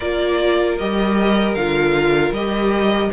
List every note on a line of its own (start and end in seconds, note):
0.00 0.79 A#3
0.00 0.79 F4
0.00 3.11 A#4
0.00 0.77 D5
0.78 1.55 G3
0.78 1.57 G4
0.78 1.54 D#5
1.54 2.31 D3
1.54 2.36 F4
1.54 2.32 F5
2.31 3.09 G3
2.31 3.12 G4
2.31 3.11 D#5